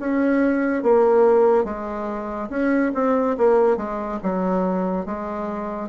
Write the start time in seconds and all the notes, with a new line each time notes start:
0.00 C#4
0.83 A#3
1.65 G#3
2.50 C#4
2.95 C4
3.38 A#3
3.77 G#3
4.23 F#3
5.06 G#3